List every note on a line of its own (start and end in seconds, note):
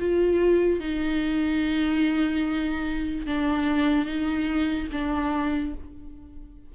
0.00 0.81 F4
0.81 3.27 D#4
3.27 4.06 D4
4.06 4.88 D#4
4.92 5.75 D4